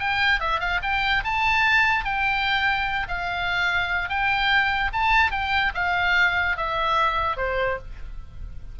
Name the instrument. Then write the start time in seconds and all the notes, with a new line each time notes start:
oboe
0.00 G5
0.41 E5
0.60 F5
0.83 G5
1.24 A5
2.05 G5
3.08 F5
4.10 G5
4.93 A5
5.32 G5
5.75 F5
6.57 E5
7.37 C5